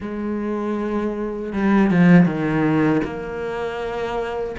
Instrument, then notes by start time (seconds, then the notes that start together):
cello
0.00 G#3
1.52 G3
1.90 F3
2.25 D#3
3.03 A#3